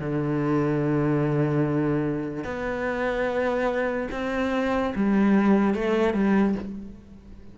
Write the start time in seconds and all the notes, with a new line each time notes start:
0.00 D3
2.44 B3
4.12 C4
4.96 G3
5.75 A3
6.14 G3